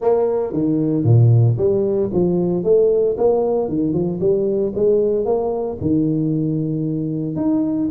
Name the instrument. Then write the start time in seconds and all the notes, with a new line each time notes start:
tuba
0.01 A#3
0.52 D#3
1.04 A#2
1.57 G3
2.13 F3
2.63 A3
3.17 A#3
3.68 D#3
3.93 F3
4.20 G3
4.75 G#3
5.25 A#3
5.80 D#3
7.36 D#4